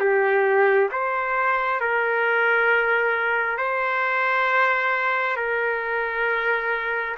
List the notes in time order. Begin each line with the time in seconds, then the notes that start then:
0.00 G4
0.91 C5
1.80 A#4
3.57 C5
5.36 A#4